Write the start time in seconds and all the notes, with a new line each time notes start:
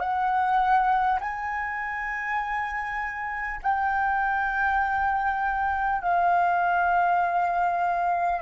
0.00 F#5
1.21 G#5
3.63 G5
6.02 F5